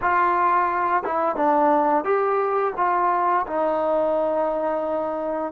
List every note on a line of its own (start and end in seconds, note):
0.01 1.03 F4
1.03 1.35 E4
1.35 2.04 D4
2.04 2.73 G4
2.76 3.45 F4
3.46 5.52 D#4